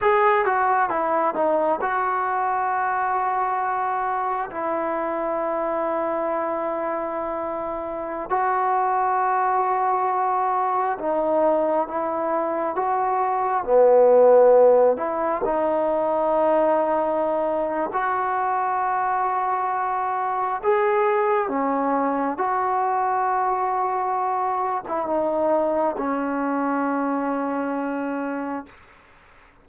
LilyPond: \new Staff \with { instrumentName = "trombone" } { \time 4/4 \tempo 4 = 67 gis'8 fis'8 e'8 dis'8 fis'2~ | fis'4 e'2.~ | e'4~ e'16 fis'2~ fis'8.~ | fis'16 dis'4 e'4 fis'4 b8.~ |
b8. e'8 dis'2~ dis'8. | fis'2. gis'4 | cis'4 fis'2~ fis'8. e'16 | dis'4 cis'2. | }